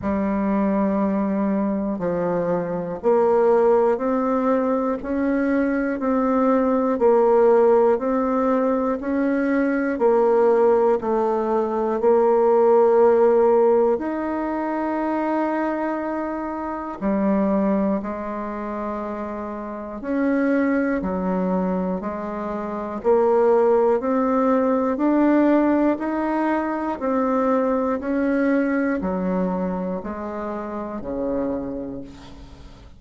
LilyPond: \new Staff \with { instrumentName = "bassoon" } { \time 4/4 \tempo 4 = 60 g2 f4 ais4 | c'4 cis'4 c'4 ais4 | c'4 cis'4 ais4 a4 | ais2 dis'2~ |
dis'4 g4 gis2 | cis'4 fis4 gis4 ais4 | c'4 d'4 dis'4 c'4 | cis'4 fis4 gis4 cis4 | }